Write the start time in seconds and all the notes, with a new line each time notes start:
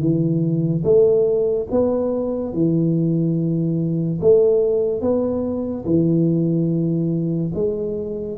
0.00 E3
0.84 A3
1.71 B3
2.53 E3
4.21 A3
5.02 B3
5.86 E3
7.55 G#3